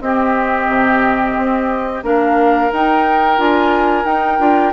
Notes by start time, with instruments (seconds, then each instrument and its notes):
0.00 bassoon C4, clarinet C4, oboe G4, flute D#5
0.68 bassoon C3
1.37 bassoon C4
2.02 bassoon A#3, clarinet D4, oboe A#4, flute F5
2.72 bassoon D#4, clarinet D#4, flute G5
3.37 bassoon D4, clarinet F4, flute G#5
4.04 clarinet D#4, bassoon D#4, flute G5
4.38 bassoon D4, clarinet F4